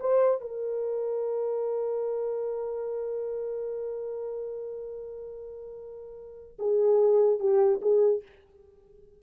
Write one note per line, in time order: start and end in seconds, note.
0.00 0.41 C5
0.41 6.57 A#4
6.59 7.40 G#4
7.40 7.81 G4
7.82 8.23 G#4